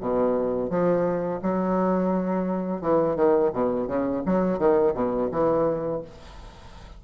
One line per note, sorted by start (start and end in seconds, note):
0.00 0.69 B2
0.69 1.40 F3
1.42 2.81 F#3
2.81 3.16 E3
3.16 3.51 D#3
3.53 3.87 B2
3.87 4.23 C#3
4.25 4.58 F#3
4.58 4.93 D#3
4.94 5.29 B2
5.31 6.02 E3